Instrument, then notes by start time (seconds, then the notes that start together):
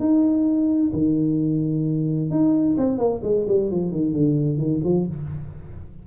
tuba
0.00 D#4
0.93 D#3
2.31 D#4
2.78 C4
2.99 A#3
3.24 G#3
3.48 G3
3.71 F3
3.92 D#3
4.13 D3
4.58 D#3
4.84 F3